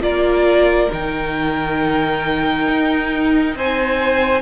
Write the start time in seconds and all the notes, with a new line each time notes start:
0.00 A#3 F4 A#4 D5
0.89 D#3 D#4 G5
2.67 D#4
3.55 C4 C5 G#5